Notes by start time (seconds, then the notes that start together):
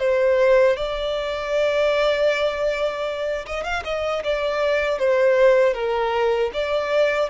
0.00 C5
0.77 D5
3.47 D#5
3.64 F5
3.85 D#5
4.24 D5
4.99 C5
5.74 A#4
6.54 D5